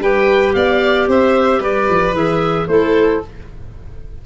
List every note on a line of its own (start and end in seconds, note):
0.00 0.54 G3
0.00 2.15 G4
0.00 0.56 B4
0.00 0.54 G5
0.54 1.08 B3
0.54 1.09 D5
0.54 1.08 F5
1.08 1.61 C4
1.08 1.60 C5
1.08 1.64 E5
1.60 1.87 G3
1.60 2.67 B4
1.60 2.16 D5
1.90 2.13 F3
2.13 2.67 E3
2.13 2.69 G#4
2.13 2.68 E5
2.68 3.21 A3
2.68 3.22 E4
2.68 3.26 A4
2.68 3.22 C5